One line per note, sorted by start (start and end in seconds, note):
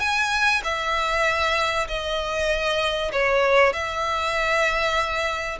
0.00 0.62 G#5
0.64 1.88 E5
1.88 3.12 D#5
3.12 3.73 C#5
3.73 5.59 E5